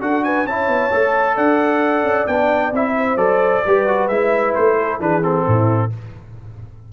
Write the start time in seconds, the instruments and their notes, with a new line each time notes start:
0.00 tuba D4, trombone F#4, horn A4, trumpet F#5
0.23 horn B4, trumpet G#5
0.46 tuba C#4, trombone E4, horn C#5, trumpet A5
0.67 tuba B3
0.90 tuba A3, trombone A4
1.35 tuba D4, horn D5, trumpet F#5
2.03 tuba C#4
2.26 tuba B3, trombone D4, trumpet G5
2.71 tuba C4, trombone E4, trumpet E5
2.97 horn C5
3.16 tuba F#3, trombone A4, trumpet D5
3.65 tuba G3, trombone G4, horn B4
3.87 trombone F#4
4.07 tuba G#3, trombone E4, trumpet E5
4.54 tuba A3, trumpet C5
4.79 horn A4
4.99 tuba E3, trombone D4, horn G#4, trumpet B4
5.21 trombone C4, trumpet A4
5.46 tuba A2, horn E4